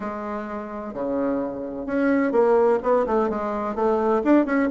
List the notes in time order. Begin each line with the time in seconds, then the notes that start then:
0.00 G#3
0.93 C#3
1.86 C#4
2.32 A#3
2.82 B3
3.06 A3
3.29 G#3
3.75 A3
4.24 D4
4.45 C#4